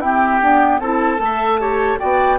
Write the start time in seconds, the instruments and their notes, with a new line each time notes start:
0.00 clarinet C4, bassoon E4, oboe G4, flute G5
0.42 clarinet B3, bassoon D4
0.80 bassoon C4, clarinet E4, oboe A4, flute A5
1.17 bassoon A3, clarinet A4
1.24 oboe E5
1.60 clarinet G4, oboe C#5
1.98 bassoon B3, clarinet F#4, oboe D5, flute G5